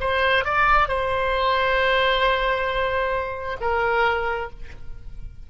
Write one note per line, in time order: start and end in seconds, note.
0.00 0.44 C5
0.44 0.88 D5
0.88 3.57 C5
3.60 4.50 A#4